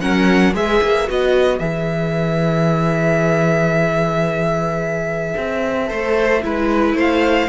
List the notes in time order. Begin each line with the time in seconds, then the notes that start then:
0.00 F#3 C#4 A#4 F#5
0.54 G#3 G#4 B4 E5
0.82 A#3
1.07 B3 F#4 D#5
1.58 E3 G#4 E5
5.37 C4
5.87 A3 A4 C5
6.42 G#3 E4 B4
6.94 A3 C5 F5